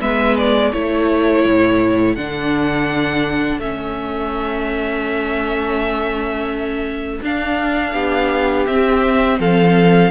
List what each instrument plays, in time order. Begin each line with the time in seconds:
0.00 cello G#3, viola B3, violin B4 E5
0.37 violin D5
0.72 cello A3, viola E4, violin A4 C#5
1.45 cello A2
2.15 cello D3, viola D4, violin F#5
3.58 cello A3, viola C#4, violin E5
7.22 cello D4, viola D4, violin F5
7.93 cello B3, violin G4
8.66 viola C4, cello C4, violin E5
9.39 cello F3, violin A4 F5